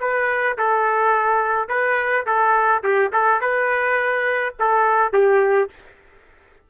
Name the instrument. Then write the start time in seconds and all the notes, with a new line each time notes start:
trumpet
0.00 B4
0.58 A4
1.69 B4
2.26 A4
2.83 G4
3.12 A4
3.41 B4
4.59 A4
5.13 G4